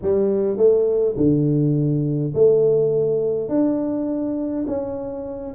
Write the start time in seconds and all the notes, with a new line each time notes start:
0.02 G3
0.57 A3
1.17 D3
2.34 A3
3.48 D4
4.67 C#4